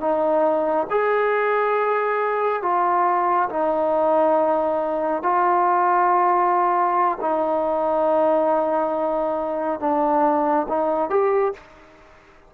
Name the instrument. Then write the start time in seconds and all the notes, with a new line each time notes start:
trombone
0.00 D#4
0.91 G#4
2.62 F4
3.49 D#4
5.23 F4
7.21 D#4
9.80 D4
10.69 D#4
11.10 G4